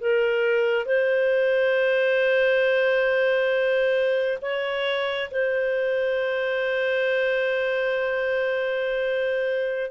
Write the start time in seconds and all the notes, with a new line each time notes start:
0.00 A#4
0.86 C5
4.42 C#5
5.31 C5